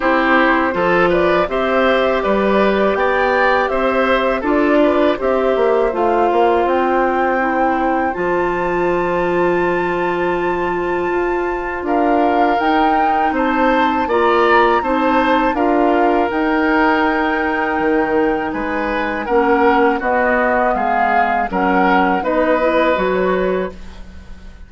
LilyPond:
<<
  \new Staff \with { instrumentName = "flute" } { \time 4/4 \tempo 4 = 81 c''4. d''8 e''4 d''4 | g''4 e''4 d''4 e''4 | f''4 g''2 a''4~ | a''1 |
f''4 g''4 a''4 ais''4 | a''4 f''4 g''2~ | g''4 gis''4 fis''4 dis''4 | f''4 fis''4 dis''4 cis''4 | }
  \new Staff \with { instrumentName = "oboe" } { \time 4/4 g'4 a'8 b'8 c''4 b'4 | d''4 c''4 a'8 b'8 c''4~ | c''1~ | c''1 |
ais'2 c''4 d''4 | c''4 ais'2.~ | ais'4 b'4 ais'4 fis'4 | gis'4 ais'4 b'2 | }
  \new Staff \with { instrumentName = "clarinet" } { \time 4/4 e'4 f'4 g'2~ | g'2 f'4 g'4 | f'2 e'4 f'4~ | f'1~ |
f'4 dis'2 f'4 | dis'4 f'4 dis'2~ | dis'2 cis'4 b4~ | b4 cis'4 dis'8 e'8 fis'4 | }
  \new Staff \with { instrumentName = "bassoon" } { \time 4/4 c'4 f4 c'4 g4 | b4 c'4 d'4 c'8 ais8 | a8 ais8 c'2 f4~ | f2. f'4 |
d'4 dis'4 c'4 ais4 | c'4 d'4 dis'2 | dis4 gis4 ais4 b4 | gis4 fis4 b4 fis4 | }
>>